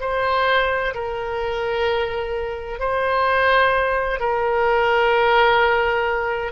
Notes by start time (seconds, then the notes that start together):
0.00 C5
0.94 A#4
2.79 C5
4.20 A#4